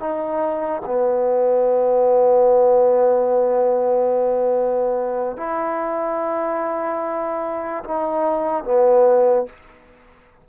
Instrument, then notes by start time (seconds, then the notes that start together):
trombone
0.00 D#4
0.86 B3
5.38 E4
7.85 D#4
8.65 B3